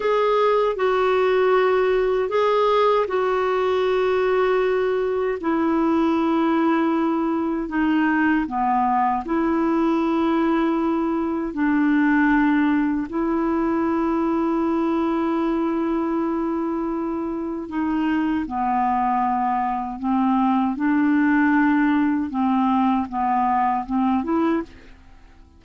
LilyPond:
\new Staff \with { instrumentName = "clarinet" } { \time 4/4 \tempo 4 = 78 gis'4 fis'2 gis'4 | fis'2. e'4~ | e'2 dis'4 b4 | e'2. d'4~ |
d'4 e'2.~ | e'2. dis'4 | b2 c'4 d'4~ | d'4 c'4 b4 c'8 e'8 | }